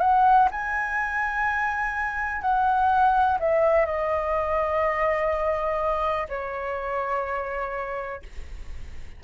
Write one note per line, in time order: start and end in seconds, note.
0.00 0.48 F#5
0.51 2.41 G#5
2.41 3.38 F#5
3.39 3.85 E5
3.85 6.27 D#5
6.29 8.22 C#5